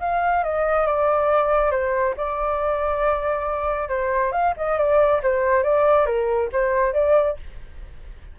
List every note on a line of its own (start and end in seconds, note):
0.00 0.43 F5
0.44 0.86 D#5
0.86 1.71 D5
1.71 2.15 C5
2.17 3.89 D5
3.89 4.32 C5
4.32 4.54 F5
4.57 4.78 D#5
4.78 5.21 D5
5.23 5.63 C5
5.63 6.06 D5
6.06 6.49 A#4
6.52 6.93 C5
6.93 7.37 D5